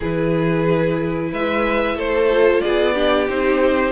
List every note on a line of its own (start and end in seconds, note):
0.00 1.32 E3
0.00 2.30 E4
0.00 1.29 G#4
0.00 1.33 B4
1.31 1.95 G#3
1.31 1.96 B4
1.31 1.99 E5
1.95 2.61 A3
1.95 2.62 A4
1.95 2.61 C5
2.30 2.95 F4
2.61 2.94 G#4
2.61 3.27 D5
2.67 3.28 B3
2.94 3.27 D4
2.94 3.92 G4
3.28 3.92 C4
3.28 3.92 D#4
3.28 3.92 C5